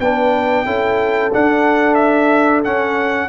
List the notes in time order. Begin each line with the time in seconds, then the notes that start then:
0.00 B3 D4 B4 G5
0.66 C#4 E4 A4
1.33 D4 F#5
1.95 E5
2.64 C#4 F#5